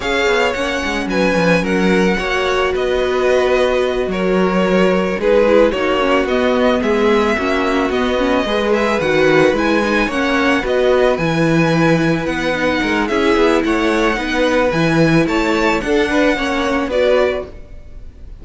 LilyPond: <<
  \new Staff \with { instrumentName = "violin" } { \time 4/4 \tempo 4 = 110 f''4 fis''4 gis''4 fis''4~ | fis''4 dis''2~ dis''8 cis''8~ | cis''4. b'4 cis''4 dis''8~ | dis''8 e''2 dis''4. |
e''8 fis''4 gis''4 fis''4 dis''8~ | dis''8 gis''2 fis''4. | e''4 fis''2 gis''4 | a''4 fis''2 d''4 | }
  \new Staff \with { instrumentName = "violin" } { \time 4/4 cis''2 b'4 ais'4 | cis''4 b'2~ b'8 ais'8~ | ais'4. gis'4 fis'4.~ | fis'8 gis'4 fis'2 b'8~ |
b'2~ b'8 cis''4 b'8~ | b'2.~ b'8 ais'8 | gis'4 cis''4 b'2 | cis''4 a'8 b'8 cis''4 b'4 | }
  \new Staff \with { instrumentName = "viola" } { \time 4/4 gis'4 cis'2. | fis'1~ | fis'4. dis'8 e'8 dis'8 cis'8 b8~ | b4. cis'4 b8 cis'8 gis'8~ |
gis'8 fis'4 e'8 dis'8 cis'4 fis'8~ | fis'8 e'2~ e'8 dis'4 | e'2 dis'4 e'4~ | e'4 d'4 cis'4 fis'4 | }
  \new Staff \with { instrumentName = "cello" } { \time 4/4 cis'8 b8 ais8 gis8 fis8 f8 fis4 | ais4 b2~ b8 fis8~ | fis4. gis4 ais4 b8~ | b8 gis4 ais4 b4 gis8~ |
gis8 dis4 gis4 ais4 b8~ | b8 e2 b4 gis8 | cis'8 b8 a4 b4 e4 | a4 d'4 ais4 b4 | }
>>